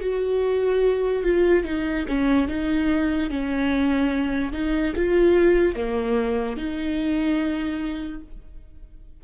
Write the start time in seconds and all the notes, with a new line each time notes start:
0.00 F#4
1.23 F4
1.64 D#4
2.08 C#4
2.48 D#4
3.30 C#4
4.52 D#4
4.96 F4
5.75 A#3
6.56 D#4